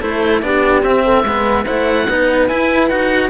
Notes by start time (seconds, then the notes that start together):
0.00 A3 E4 A4 C5
0.41 B3 D4 G4 D5
0.83 C4 E5
1.05 A4
1.24 G#3 B3 B4
1.64 A3 E4 C5 F#5
2.09 B3 D#4 B4
2.48 E4 G#5
2.89 D#4 F#4 F#5